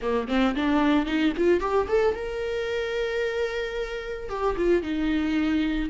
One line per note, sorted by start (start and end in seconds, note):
0.01 0.28 A#3
0.28 0.55 C4
0.55 1.05 D4
1.05 1.32 D#4
1.37 1.60 F4
1.60 1.87 G4
1.87 2.14 A4
2.14 4.29 A#4
4.29 4.55 G4
4.57 4.82 F4
4.82 5.89 D#4